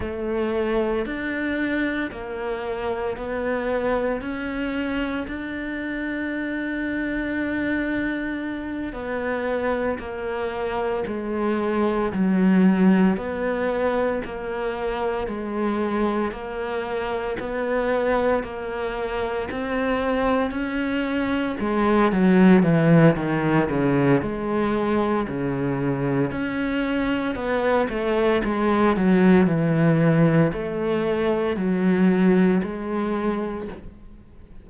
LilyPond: \new Staff \with { instrumentName = "cello" } { \time 4/4 \tempo 4 = 57 a4 d'4 ais4 b4 | cis'4 d'2.~ | d'8 b4 ais4 gis4 fis8~ | fis8 b4 ais4 gis4 ais8~ |
ais8 b4 ais4 c'4 cis'8~ | cis'8 gis8 fis8 e8 dis8 cis8 gis4 | cis4 cis'4 b8 a8 gis8 fis8 | e4 a4 fis4 gis4 | }